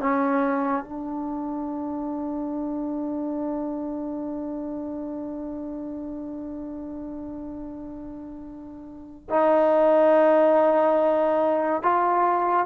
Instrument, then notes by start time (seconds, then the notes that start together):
trombone
0.00 C#4
0.84 D4
9.30 D#4
11.82 F4